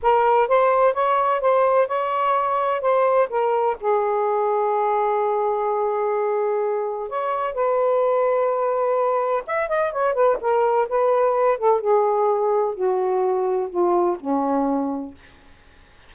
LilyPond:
\new Staff \with { instrumentName = "saxophone" } { \time 4/4 \tempo 4 = 127 ais'4 c''4 cis''4 c''4 | cis''2 c''4 ais'4 | gis'1~ | gis'2. cis''4 |
b'1 | e''8 dis''8 cis''8 b'8 ais'4 b'4~ | b'8 a'8 gis'2 fis'4~ | fis'4 f'4 cis'2 | }